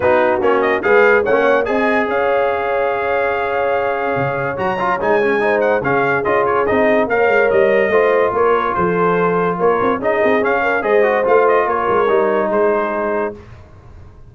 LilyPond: <<
  \new Staff \with { instrumentName = "trumpet" } { \time 4/4 \tempo 4 = 144 b'4 cis''8 dis''8 f''4 fis''4 | gis''4 f''2.~ | f''2. ais''4 | gis''4. fis''8 f''4 dis''8 cis''8 |
dis''4 f''4 dis''2 | cis''4 c''2 cis''4 | dis''4 f''4 dis''4 f''8 dis''8 | cis''2 c''2 | }
  \new Staff \with { instrumentName = "horn" } { \time 4/4 fis'2 b'4 cis''4 | dis''4 cis''2.~ | cis''1~ | cis''4 c''4 gis'2~ |
gis'4 cis''2 c''4 | ais'4 a'2 ais'4 | gis'4. ais'8 c''2 | ais'2 gis'2 | }
  \new Staff \with { instrumentName = "trombone" } { \time 4/4 dis'4 cis'4 gis'4 cis'4 | gis'1~ | gis'2. fis'8 f'8 | dis'8 cis'8 dis'4 cis'4 f'4 |
dis'4 ais'2 f'4~ | f'1 | dis'4 cis'4 gis'8 fis'8 f'4~ | f'4 dis'2. | }
  \new Staff \with { instrumentName = "tuba" } { \time 4/4 b4 ais4 gis4 ais4 | c'4 cis'2.~ | cis'2 cis4 fis4 | gis2 cis4 cis'4 |
c'4 ais8 gis8 g4 a4 | ais4 f2 ais8 c'8 | cis'8 c'8 cis'4 gis4 a4 | ais8 gis8 g4 gis2 | }
>>